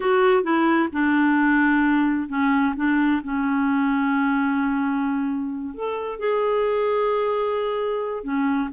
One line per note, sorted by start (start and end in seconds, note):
0.00 0.43 F#4
0.43 0.88 E4
0.92 2.28 D4
2.28 2.74 C#4
2.76 3.22 D4
3.24 5.74 C#4
5.74 6.19 A4
6.19 8.23 G#4
8.23 8.69 C#4